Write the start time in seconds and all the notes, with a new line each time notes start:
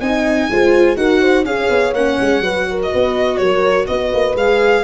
0.00 C4 D#4 D#5 G#5
0.50 G#3 F4 C5
0.96 D#4 F#4 A#4 F#5
1.21 C5
1.44 C#4 G#4 C#5 F5
1.69 B3
1.93 A#3 C#4 F#5
2.20 G#3
2.40 F#3 F#4 B4
2.69 A#4
2.83 D#5
2.91 B3 B4
3.37 F#3 A#4 C#5
3.87 B3 B4 D#5
4.13 A#3
4.35 G#3 G#4 F5